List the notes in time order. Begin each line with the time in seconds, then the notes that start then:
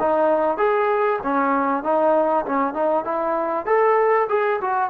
0.00 D#4
0.58 G#4
1.23 C#4
1.84 D#4
2.46 C#4
2.74 D#4
3.05 E4
3.66 A4
4.29 G#4
4.61 F#4